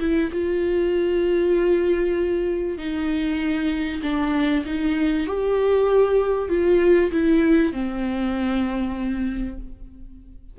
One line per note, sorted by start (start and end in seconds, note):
0.00 0.31 E4
0.32 2.78 F4
2.78 4.02 D#4
4.03 4.65 D4
4.66 5.27 D#4
5.27 6.49 G4
6.49 7.11 F4
7.12 7.73 E4
7.73 9.58 C4